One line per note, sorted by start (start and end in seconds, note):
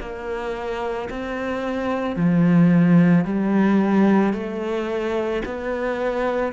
0.00 1.09 A#3
1.10 2.17 C4
2.17 3.25 F3
3.25 4.33 G3
4.33 5.42 A3
5.45 6.53 B3